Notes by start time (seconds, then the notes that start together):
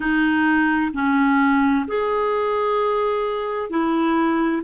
0.00 D#4
0.93 C#4
1.87 G#4
3.69 E4